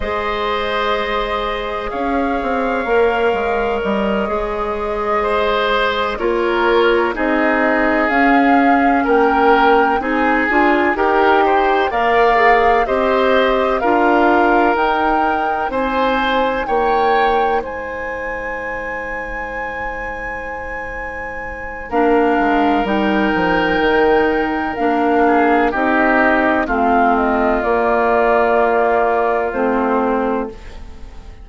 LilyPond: <<
  \new Staff \with { instrumentName = "flute" } { \time 4/4 \tempo 4 = 63 dis''2 f''2 | dis''2~ dis''8 cis''4 dis''8~ | dis''8 f''4 g''4 gis''4 g''8~ | g''8 f''4 dis''4 f''4 g''8~ |
g''8 gis''4 g''4 gis''4.~ | gis''2. f''4 | g''2 f''4 dis''4 | f''8 dis''8 d''2 c''4 | }
  \new Staff \with { instrumentName = "oboe" } { \time 4/4 c''2 cis''2~ | cis''4. c''4 ais'4 gis'8~ | gis'4. ais'4 gis'4 ais'8 | c''8 d''4 c''4 ais'4.~ |
ais'8 c''4 cis''4 c''4.~ | c''2. ais'4~ | ais'2~ ais'8 gis'8 g'4 | f'1 | }
  \new Staff \with { instrumentName = "clarinet" } { \time 4/4 gis'2. ais'4~ | ais'8 gis'2 f'4 dis'8~ | dis'8 cis'2 dis'8 f'8 g'8~ | g'8 ais'8 gis'8 g'4 f'4 dis'8~ |
dis'1~ | dis'2. d'4 | dis'2 d'4 dis'4 | c'4 ais2 c'4 | }
  \new Staff \with { instrumentName = "bassoon" } { \time 4/4 gis2 cis'8 c'8 ais8 gis8 | g8 gis2 ais4 c'8~ | c'8 cis'4 ais4 c'8 d'8 dis'8~ | dis'8 ais4 c'4 d'4 dis'8~ |
dis'8 c'4 ais4 gis4.~ | gis2. ais8 gis8 | g8 f8 dis4 ais4 c'4 | a4 ais2 a4 | }
>>